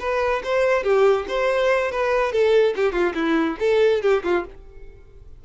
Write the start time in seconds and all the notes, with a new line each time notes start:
0.00 B4
0.44 C5
0.84 G4
1.28 C5
1.91 B4
2.32 A4
2.76 G4
2.92 F4
3.15 E4
3.60 A4
4.02 G4
4.24 F4